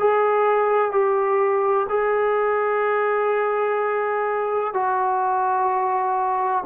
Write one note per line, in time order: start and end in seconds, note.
0.00 0.92 G#4
0.92 1.87 G4
1.90 4.74 G#4
4.74 6.65 F#4